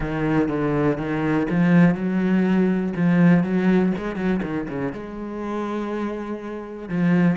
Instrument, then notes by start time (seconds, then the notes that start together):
cello
0.00 D#3
0.48 D3
0.97 D#3
1.50 F3
1.94 F#3
2.96 F3
3.43 F#3
3.97 G#3
4.15 F#3
4.43 D#3
4.68 C#3
4.92 G#3
6.88 F3